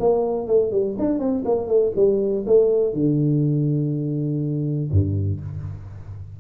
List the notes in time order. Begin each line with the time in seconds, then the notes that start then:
0.00 A#3
0.47 A3
0.72 G3
0.99 D4
1.19 C4
1.45 A#3
1.68 A3
1.96 G3
2.47 A3
2.94 D3
4.92 G2